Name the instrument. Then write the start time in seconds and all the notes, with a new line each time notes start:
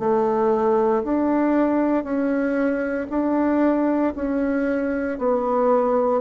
bassoon
0.00 A3
1.04 D4
2.04 C#4
3.10 D4
4.16 C#4
5.19 B3